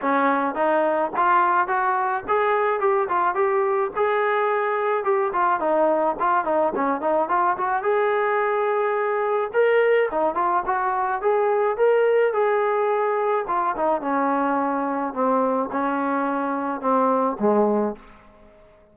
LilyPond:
\new Staff \with { instrumentName = "trombone" } { \time 4/4 \tempo 4 = 107 cis'4 dis'4 f'4 fis'4 | gis'4 g'8 f'8 g'4 gis'4~ | gis'4 g'8 f'8 dis'4 f'8 dis'8 | cis'8 dis'8 f'8 fis'8 gis'2~ |
gis'4 ais'4 dis'8 f'8 fis'4 | gis'4 ais'4 gis'2 | f'8 dis'8 cis'2 c'4 | cis'2 c'4 gis4 | }